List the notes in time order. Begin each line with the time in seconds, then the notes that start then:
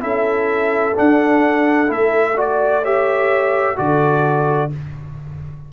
0.00 C#4 E4 A4 E5
0.96 D4 F#5
1.87 A3 E4 E5
2.36 F#4 D5
2.82 G4 C#5 E5
3.76 D3 F#4 A4 D5